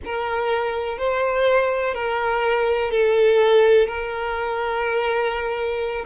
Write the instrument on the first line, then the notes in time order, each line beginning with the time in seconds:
violin
0.04 A#4
0.97 C5
1.94 A#4
2.91 A4
3.87 A#4